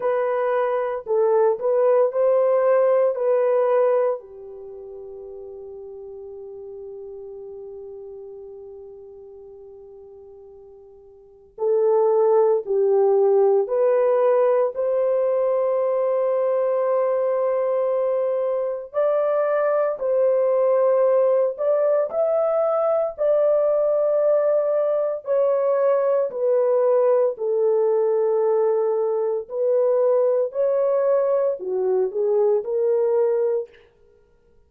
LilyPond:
\new Staff \with { instrumentName = "horn" } { \time 4/4 \tempo 4 = 57 b'4 a'8 b'8 c''4 b'4 | g'1~ | g'2. a'4 | g'4 b'4 c''2~ |
c''2 d''4 c''4~ | c''8 d''8 e''4 d''2 | cis''4 b'4 a'2 | b'4 cis''4 fis'8 gis'8 ais'4 | }